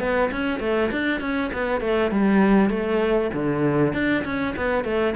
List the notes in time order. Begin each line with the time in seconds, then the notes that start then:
0.00 B3
0.32 C#4
0.60 A3
0.92 D4
1.21 C#4
1.53 B3
1.81 A3
2.11 G3
2.70 A3
3.34 D3
3.94 D4
4.25 C#4
4.57 B3
4.84 A3